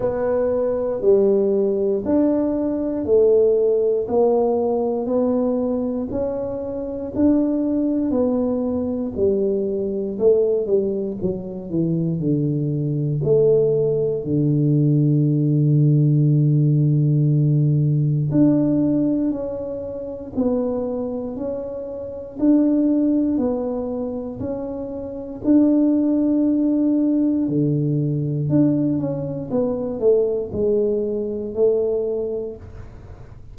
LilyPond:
\new Staff \with { instrumentName = "tuba" } { \time 4/4 \tempo 4 = 59 b4 g4 d'4 a4 | ais4 b4 cis'4 d'4 | b4 g4 a8 g8 fis8 e8 | d4 a4 d2~ |
d2 d'4 cis'4 | b4 cis'4 d'4 b4 | cis'4 d'2 d4 | d'8 cis'8 b8 a8 gis4 a4 | }